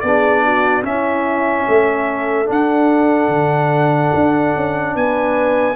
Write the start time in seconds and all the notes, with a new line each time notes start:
0.00 B3 D4 G#4 D5
0.44 F#4
0.82 C#4 E5
0.89 E4
1.67 A3 A4
2.45 D4 F#5
3.28 D3
4.14 D4
4.55 C#4
4.95 B3 B4 G#5